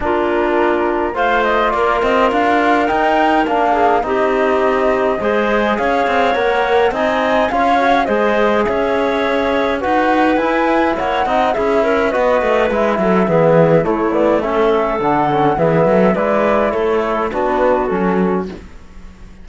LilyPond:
<<
  \new Staff \with { instrumentName = "flute" } { \time 4/4 \tempo 4 = 104 ais'2 f''8 dis''8 d''8 dis''8 | f''4 g''4 f''4 dis''4~ | dis''2 f''4 fis''4 | gis''4 f''4 dis''4 e''4~ |
e''4 fis''4 gis''4 fis''4 | e''4 dis''4 e''2 | cis''8 d''8 e''4 fis''4 e''4 | d''4 cis''4 b'4 a'4 | }
  \new Staff \with { instrumentName = "clarinet" } { \time 4/4 f'2 c''4 ais'4~ | ais'2~ ais'8 gis'8 g'4~ | g'4 c''4 cis''2 | dis''4 cis''4 c''4 cis''4~ |
cis''4 b'2 cis''8 dis''8 | gis'8 ais'8 b'4. a'8 gis'4 | e'4 a'2 gis'8 a'8 | b'4 a'4 fis'2 | }
  \new Staff \with { instrumentName = "trombone" } { \time 4/4 d'2 f'2~ | f'4 dis'4 d'4 dis'4~ | dis'4 gis'2 ais'4 | dis'4 f'8 fis'8 gis'2~ |
gis'4 fis'4 e'4. dis'8 | e'4 fis'4 e'4 b4 | a8 b8 cis'4 d'8 cis'8 b4 | e'2 d'4 cis'4 | }
  \new Staff \with { instrumentName = "cello" } { \time 4/4 ais2 a4 ais8 c'8 | d'4 dis'4 ais4 c'4~ | c'4 gis4 cis'8 c'8 ais4 | c'4 cis'4 gis4 cis'4~ |
cis'4 dis'4 e'4 ais8 c'8 | cis'4 b8 a8 gis8 fis8 e4 | a2 d4 e8 fis8 | gis4 a4 b4 fis4 | }
>>